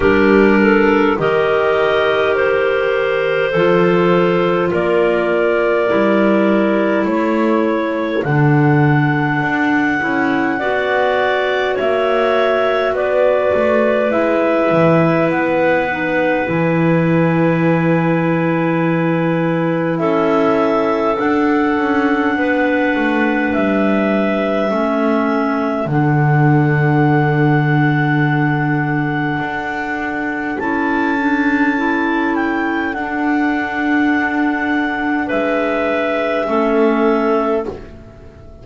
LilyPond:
<<
  \new Staff \with { instrumentName = "clarinet" } { \time 4/4 \tempo 4 = 51 ais'4 dis''4 c''2 | d''2 cis''4 fis''4~ | fis''2 e''4 d''4 | e''4 fis''4 gis''2~ |
gis''4 e''4 fis''2 | e''2 fis''2~ | fis''2 a''4. g''8 | fis''2 e''2 | }
  \new Staff \with { instrumentName = "clarinet" } { \time 4/4 g'8 a'8 ais'2 a'4 | ais'2 a'2~ | a'4 d''4 cis''4 b'4~ | b'1~ |
b'4 a'2 b'4~ | b'4 a'2.~ | a'1~ | a'2 b'4 a'4 | }
  \new Staff \with { instrumentName = "clarinet" } { \time 4/4 d'4 g'2 f'4~ | f'4 e'2 d'4~ | d'8 e'8 fis'2. | e'4. dis'8 e'2~ |
e'2 d'2~ | d'4 cis'4 d'2~ | d'2 e'8 d'8 e'4 | d'2. cis'4 | }
  \new Staff \with { instrumentName = "double bass" } { \time 4/4 g4 dis2 f4 | ais4 g4 a4 d4 | d'8 cis'8 b4 ais4 b8 a8 | gis8 e8 b4 e2~ |
e4 cis'4 d'8 cis'8 b8 a8 | g4 a4 d2~ | d4 d'4 cis'2 | d'2 gis4 a4 | }
>>